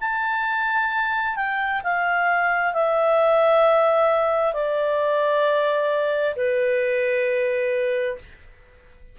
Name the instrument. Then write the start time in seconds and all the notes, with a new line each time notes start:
clarinet
0.00 A5
1.36 G5
1.83 F5
2.73 E5
4.53 D5
6.36 B4